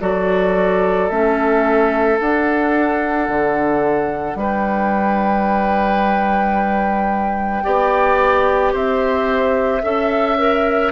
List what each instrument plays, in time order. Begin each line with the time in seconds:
0.00 bassoon F#3, clarinet F#4, oboe A4, flute D5
1.09 bassoon A3, clarinet C#4, flute E5
2.18 clarinet D4, bassoon D4, flute F#5
3.28 bassoon D3
4.35 bassoon G3, oboe B4, flute G5
7.63 bassoon B3, clarinet G4, oboe D5
8.73 bassoon C4, oboe C5, flute E5
9.82 bassoon C#4, clarinet A4, oboe E5
10.38 clarinet A#4